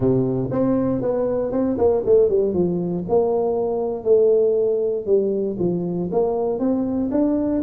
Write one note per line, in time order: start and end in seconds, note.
0.00 0.49 C3
0.51 1.01 C4
1.01 1.51 B3
1.51 1.77 C4
1.78 2.03 A#3
2.05 2.29 A3
2.29 2.53 G3
2.53 3.04 F3
3.09 4.04 A#3
4.04 5.05 A3
5.05 5.56 G3
5.59 6.09 F3
6.11 6.59 A#3
6.59 7.10 C4
7.11 7.62 D4